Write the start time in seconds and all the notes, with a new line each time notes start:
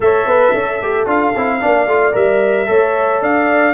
0.00 A3 A4 C#5 E5
0.26 B3 B4
0.52 C#4 A4
0.80 A3 G4
1.06 D4 F4 F5
1.35 C4 E4
1.60 A#3 D4 D5
1.87 A3 F4
2.12 G3 A#4 E5
2.66 A3 A4 C#5
3.21 D4 D5 F5